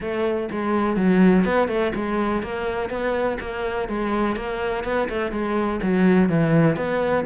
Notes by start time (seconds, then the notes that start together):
0.00 A3
0.51 G#3
0.96 F#3
1.45 B3
1.68 A3
1.95 G#3
2.42 A#3
2.89 B3
3.40 A#3
3.88 G#3
4.36 A#3
4.84 B3
5.08 A3
5.31 G#3
5.82 F#3
6.29 E3
6.76 B3